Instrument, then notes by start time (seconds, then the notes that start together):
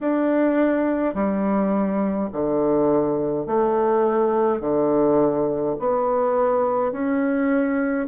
bassoon
0.01 D4
1.14 G3
2.32 D3
3.46 A3
4.60 D3
5.79 B3
6.92 C#4